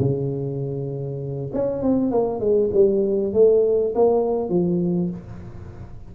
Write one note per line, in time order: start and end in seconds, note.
0.00 1.52 C#3
1.53 1.83 C#4
1.83 2.12 C4
2.12 2.40 A#3
2.40 2.70 G#3
2.74 3.34 G3
3.34 3.94 A3
3.95 4.50 A#3
4.50 5.10 F3